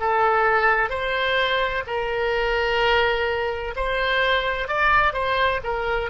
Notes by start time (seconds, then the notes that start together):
0.00 A4
0.89 C5
1.87 A#4
3.76 C5
4.68 D5
5.13 C5
5.64 A#4